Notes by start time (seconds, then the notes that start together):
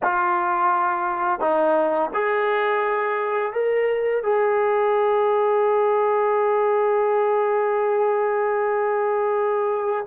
0.02 F4
1.40 D#4
2.13 G#4
3.52 A#4
4.23 G#4